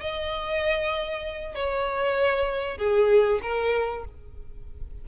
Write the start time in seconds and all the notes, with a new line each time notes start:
0.00 D#5
1.55 C#5
2.78 G#4
3.42 A#4